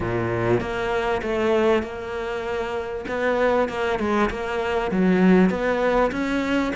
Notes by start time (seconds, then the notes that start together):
0.00 A#2
0.60 A#3
1.22 A3
1.82 A#3
3.08 B3
3.68 A#3
3.99 G#3
4.30 A#3
4.91 F#3
5.50 B3
6.11 C#4